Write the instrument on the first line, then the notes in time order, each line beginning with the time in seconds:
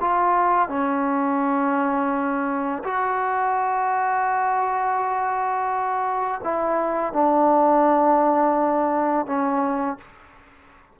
trombone
0.00 F4
0.69 C#4
2.84 F#4
6.44 E4
7.13 D4
9.26 C#4